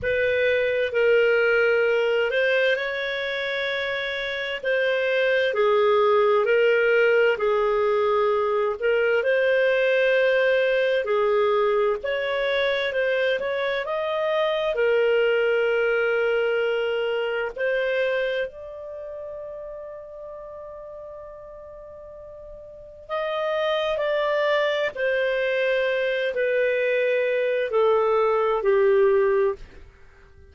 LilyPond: \new Staff \with { instrumentName = "clarinet" } { \time 4/4 \tempo 4 = 65 b'4 ais'4. c''8 cis''4~ | cis''4 c''4 gis'4 ais'4 | gis'4. ais'8 c''2 | gis'4 cis''4 c''8 cis''8 dis''4 |
ais'2. c''4 | d''1~ | d''4 dis''4 d''4 c''4~ | c''8 b'4. a'4 g'4 | }